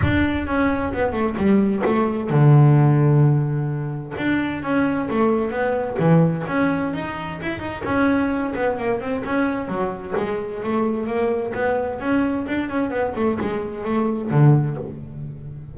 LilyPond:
\new Staff \with { instrumentName = "double bass" } { \time 4/4 \tempo 4 = 130 d'4 cis'4 b8 a8 g4 | a4 d2.~ | d4 d'4 cis'4 a4 | b4 e4 cis'4 dis'4 |
e'8 dis'8 cis'4. b8 ais8 c'8 | cis'4 fis4 gis4 a4 | ais4 b4 cis'4 d'8 cis'8 | b8 a8 gis4 a4 d4 | }